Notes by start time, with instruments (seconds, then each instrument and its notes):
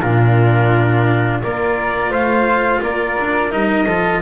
0.00 double bass A#2, cello D4, flute F4, trumpet A#4
1.42 double bass A#3, cello F4, flute A#4, trumpet D5
2.09 double bass A3, flute C5, trumpet F5
2.81 double bass A#3, flute A#4, trumpet D5
3.19 double bass D4
3.50 double bass G3, cello D#4, trumpet D#5
3.85 double bass F3, cello F4, flute A4